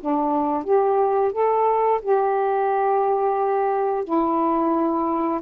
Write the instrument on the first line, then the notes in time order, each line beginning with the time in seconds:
saxophone
0.00 D4
0.64 G4
1.32 A4
2.02 G4
4.04 E4